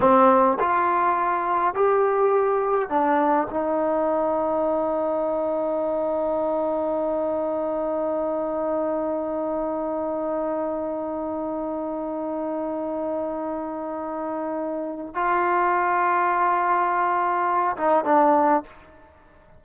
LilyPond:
\new Staff \with { instrumentName = "trombone" } { \time 4/4 \tempo 4 = 103 c'4 f'2 g'4~ | g'4 d'4 dis'2~ | dis'1~ | dis'1~ |
dis'1~ | dis'1~ | dis'2 f'2~ | f'2~ f'8 dis'8 d'4 | }